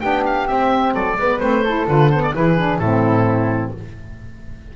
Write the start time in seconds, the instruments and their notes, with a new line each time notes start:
0.00 double bass B3, saxophone D4, flute G4, oboe G5
0.26 oboe F5
0.47 saxophone C4, double bass C4, oboe E5
0.94 double bass F#3, flute A4, oboe D5
1.16 double bass G#3, saxophone B3, flute B4
1.39 double bass A3, saxophone C4, oboe C5
1.64 saxophone E4, flute A4
1.87 double bass D3, saxophone F4, oboe B4
2.10 saxophone B3, oboe C5
2.22 oboe D5
2.34 double bass E3, saxophone E4, flute G#4, oboe B4
2.58 saxophone D4
2.78 double bass A2, saxophone C4, flute E4, oboe A4